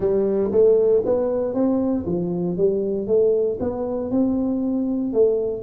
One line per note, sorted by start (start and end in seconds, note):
0.00 0.51 G3
0.51 1.02 A3
1.05 1.53 B3
1.53 2.05 C4
2.06 2.57 F3
2.57 3.07 G3
3.07 3.58 A3
3.59 4.10 B3
4.10 5.13 C4
5.13 5.62 A3